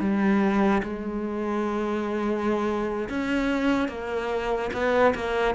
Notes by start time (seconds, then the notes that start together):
0.00 G3
0.83 G#3
3.09 C#4
3.89 A#3
4.73 B3
5.15 A#3